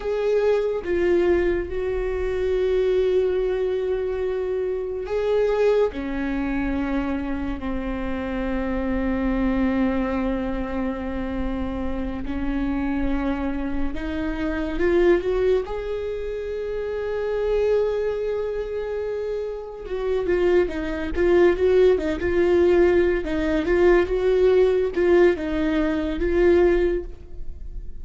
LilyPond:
\new Staff \with { instrumentName = "viola" } { \time 4/4 \tempo 4 = 71 gis'4 f'4 fis'2~ | fis'2 gis'4 cis'4~ | cis'4 c'2.~ | c'2~ c'8 cis'4.~ |
cis'8 dis'4 f'8 fis'8 gis'4.~ | gis'2.~ gis'8 fis'8 | f'8 dis'8 f'8 fis'8 dis'16 f'4~ f'16 dis'8 | f'8 fis'4 f'8 dis'4 f'4 | }